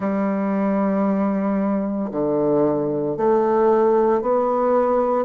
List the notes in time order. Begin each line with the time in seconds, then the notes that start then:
0.00 G3
2.11 D3
3.16 A3
4.21 B3